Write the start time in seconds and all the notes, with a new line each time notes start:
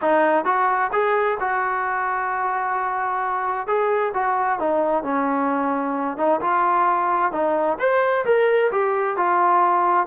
0.01 D#4
0.45 F#4
0.92 G#4
1.40 F#4
3.67 G#4
4.13 F#4
4.59 D#4
5.03 C#4
6.17 D#4
6.41 F4
7.32 D#4
7.79 C5
8.25 A#4
8.71 G4
9.16 F4